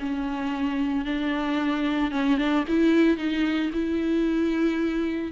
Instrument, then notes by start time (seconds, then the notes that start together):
viola
0.00 C#4
1.05 D4
2.11 C#4
2.38 D4
2.68 E4
3.18 D#4
3.74 E4